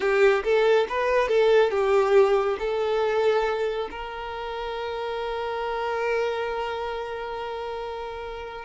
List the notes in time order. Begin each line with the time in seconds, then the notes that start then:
0.00 G4
0.44 A4
0.88 B4
1.28 A4
1.71 G4
2.59 A4
3.90 A#4